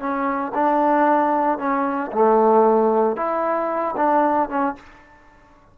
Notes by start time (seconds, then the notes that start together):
0.00 C#4
0.55 D4
1.59 C#4
2.12 A3
3.17 E4
3.97 D4
4.50 C#4